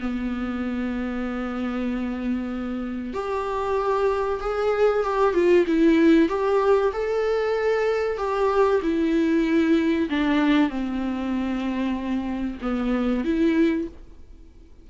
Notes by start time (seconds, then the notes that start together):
0.00 B3
3.13 G4
4.40 G#4
5.04 G4
5.34 F4
5.67 E4
6.29 G4
6.93 A4
8.18 G4
8.82 E4
10.10 D4
10.69 C4
12.61 B3
13.24 E4